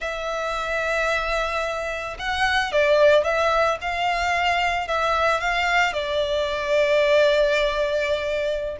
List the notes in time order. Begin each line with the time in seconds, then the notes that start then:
0.00 E5
2.18 F#5
2.71 D5
3.23 E5
3.81 F5
4.87 E5
5.40 F5
5.93 D5